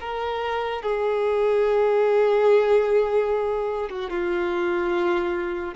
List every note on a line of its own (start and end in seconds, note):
0.00 0.82 A#4
0.82 3.89 G#4
3.89 4.09 F#4
4.09 5.74 F4